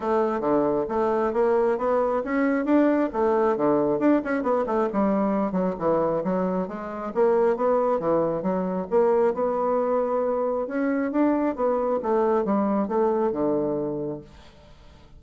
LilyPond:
\new Staff \with { instrumentName = "bassoon" } { \time 4/4 \tempo 4 = 135 a4 d4 a4 ais4 | b4 cis'4 d'4 a4 | d4 d'8 cis'8 b8 a8 g4~ | g8 fis8 e4 fis4 gis4 |
ais4 b4 e4 fis4 | ais4 b2. | cis'4 d'4 b4 a4 | g4 a4 d2 | }